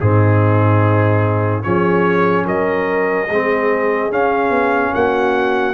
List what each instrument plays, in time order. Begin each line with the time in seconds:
0.00 tuba G#2, trombone C4, horn D#4, trumpet G#4
1.63 tuba F3, trombone C#4, horn G#4, trumpet C#5
2.46 tuba F#3, horn A#4, trumpet D#5
3.29 tuba G#3, trombone C4, horn G#4
4.11 trombone C#4, tuba C#4, trumpet F5
4.50 tuba B3
4.95 tuba A#3, horn F#4, trumpet F#5